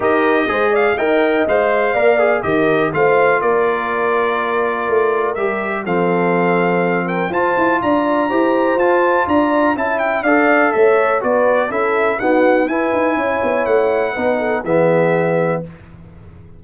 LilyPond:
<<
  \new Staff \with { instrumentName = "trumpet" } { \time 4/4 \tempo 4 = 123 dis''4. f''8 g''4 f''4~ | f''4 dis''4 f''4 d''4~ | d''2. e''4 | f''2~ f''8 g''8 a''4 |
ais''2 a''4 ais''4 | a''8 g''8 f''4 e''4 d''4 | e''4 fis''4 gis''2 | fis''2 e''2 | }
  \new Staff \with { instrumentName = "horn" } { \time 4/4 ais'4 c''8 d''8 dis''2 | d''4 ais'4 c''4 ais'4~ | ais'1 | a'2~ a'8 ais'8 c''4 |
d''4 c''2 d''4 | e''4 d''4 cis''4 b'4 | a'4 fis'4 b'4 cis''4~ | cis''4 b'8 a'8 gis'2 | }
  \new Staff \with { instrumentName = "trombone" } { \time 4/4 g'4 gis'4 ais'4 c''4 | ais'8 gis'8 g'4 f'2~ | f'2. g'4 | c'2. f'4~ |
f'4 g'4 f'2 | e'4 a'2 fis'4 | e'4 b4 e'2~ | e'4 dis'4 b2 | }
  \new Staff \with { instrumentName = "tuba" } { \time 4/4 dis'4 gis4 dis'4 gis4 | ais4 dis4 a4 ais4~ | ais2 a4 g4 | f2. f'8 e'8 |
d'4 e'4 f'4 d'4 | cis'4 d'4 a4 b4 | cis'4 dis'4 e'8 dis'8 cis'8 b8 | a4 b4 e2 | }
>>